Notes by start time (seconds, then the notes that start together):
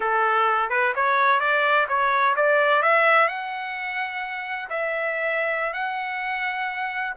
0.00 A4
0.69 B4
0.95 C#5
1.40 D5
1.88 C#5
2.36 D5
2.82 E5
3.28 F#5
4.69 E5
5.73 F#5